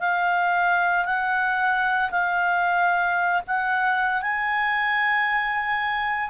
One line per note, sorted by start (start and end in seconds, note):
0.00 1.05 F5
1.05 2.11 F#5
2.11 3.43 F5
3.47 4.22 F#5
4.22 6.31 G#5